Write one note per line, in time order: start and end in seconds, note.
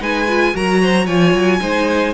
0.00 0.54 G#3
0.00 0.27 D#4
0.00 0.54 B4
0.00 0.56 G#5
0.28 0.55 F4
0.55 1.07 F#3
0.55 1.08 F#4
0.55 0.82 A#4
0.55 1.07 A#5
0.82 1.06 C5
1.06 1.34 F3
1.06 1.60 F4
1.06 1.59 C#5
1.06 2.14 G#5
1.34 1.61 F#3
1.60 2.14 G#3
1.60 2.14 D#4
1.60 2.14 C5